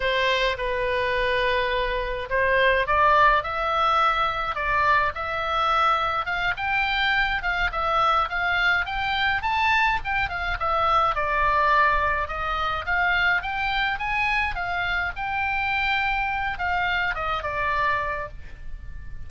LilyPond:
\new Staff \with { instrumentName = "oboe" } { \time 4/4 \tempo 4 = 105 c''4 b'2. | c''4 d''4 e''2 | d''4 e''2 f''8 g''8~ | g''4 f''8 e''4 f''4 g''8~ |
g''8 a''4 g''8 f''8 e''4 d''8~ | d''4. dis''4 f''4 g''8~ | g''8 gis''4 f''4 g''4.~ | g''4 f''4 dis''8 d''4. | }